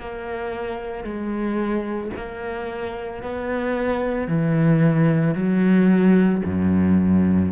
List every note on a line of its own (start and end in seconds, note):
0.00 1.04 A#3
1.04 2.11 G#3
2.16 3.23 A#3
3.23 4.28 B3
4.28 5.35 E3
5.35 6.42 F#3
6.45 7.52 F#2